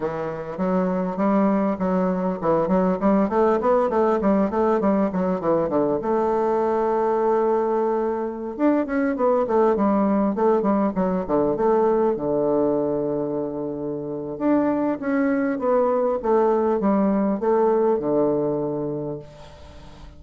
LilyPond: \new Staff \with { instrumentName = "bassoon" } { \time 4/4 \tempo 4 = 100 e4 fis4 g4 fis4 | e8 fis8 g8 a8 b8 a8 g8 a8 | g8 fis8 e8 d8 a2~ | a2~ a16 d'8 cis'8 b8 a16~ |
a16 g4 a8 g8 fis8 d8 a8.~ | a16 d2.~ d8. | d'4 cis'4 b4 a4 | g4 a4 d2 | }